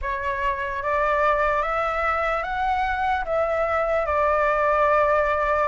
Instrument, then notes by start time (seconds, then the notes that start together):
flute
0.01 C#5
0.82 D5
1.62 E5
2.43 F#5
3.24 E5
4.05 D5